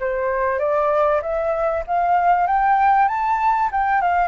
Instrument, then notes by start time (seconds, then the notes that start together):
flute
0.00 C5
0.59 D5
1.22 E5
1.87 F5
2.47 G5
3.08 A5
3.72 G5
4.01 F5